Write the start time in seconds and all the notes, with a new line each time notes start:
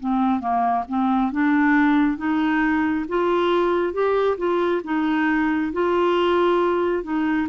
0.00 C4
0.40 A#3
0.89 C4
1.32 D4
2.17 D#4
3.09 F4
3.93 G4
4.38 F4
4.84 D#4
5.73 F4
7.03 D#4